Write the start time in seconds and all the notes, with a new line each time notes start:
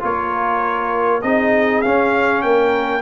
0.00 A#3 F4 A#4 C#5
1.22 C4 D#4 G#4 D#5
1.82 C#4 F5
2.42 A#3 A#4 G5